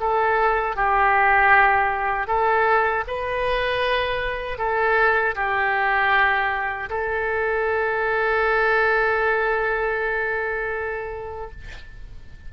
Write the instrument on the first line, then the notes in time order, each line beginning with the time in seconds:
oboe
0.00 A4
0.76 G4
2.27 A4
3.07 B4
4.58 A4
5.35 G4
6.89 A4